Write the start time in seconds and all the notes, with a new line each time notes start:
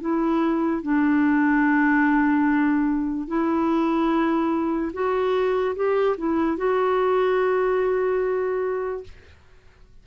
0.00 E4
0.82 D4
3.27 E4
4.93 F#4
5.75 G4
6.17 E4
6.57 F#4